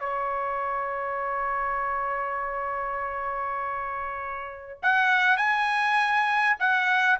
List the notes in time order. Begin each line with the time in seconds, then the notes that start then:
0.00 C#5
4.83 F#5
5.38 G#5
6.60 F#5